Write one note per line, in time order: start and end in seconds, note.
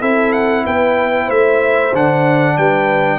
0.00 0.65 C4
0.00 1.92 E4
0.00 0.64 A4
0.00 0.32 E5
0.32 0.64 F#5
0.66 1.29 B3
0.66 1.26 B4
0.66 1.30 G5
1.26 1.93 A3
1.26 2.53 C5
1.26 1.94 E5
1.93 2.57 D3
1.93 3.19 D4
1.93 2.57 F#5
2.57 3.19 G3
2.57 3.19 B4
2.57 3.19 G5